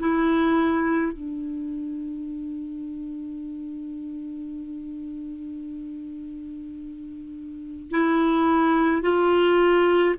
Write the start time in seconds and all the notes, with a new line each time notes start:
0.00 E4
1.13 D4
7.91 E4
9.03 F4